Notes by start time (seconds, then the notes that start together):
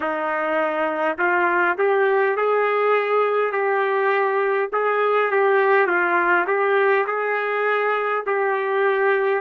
0.00 D#4
1.18 F4
1.78 G4
2.36 G#4
3.51 G4
4.72 G#4
5.30 G4
5.87 F4
6.47 G4
7.06 G#4
8.26 G4